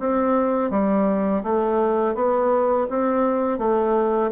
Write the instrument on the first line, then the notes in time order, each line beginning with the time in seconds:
bassoon
0.00 C4
0.71 G3
1.44 A3
2.15 B3
2.90 C4
3.59 A3